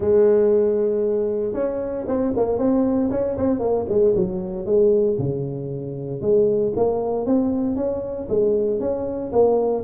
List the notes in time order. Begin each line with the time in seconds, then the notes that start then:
0.00 G#3
1.53 C#4
2.07 C4
2.36 A#3
2.58 C4
3.11 C#4
3.37 C4
3.59 A#3
3.88 G#3
4.15 F#3
4.65 G#3
5.18 C#3
6.21 G#3
6.75 A#3
7.26 C4
7.76 C#4
8.28 G#3
8.80 C#4
9.32 A#3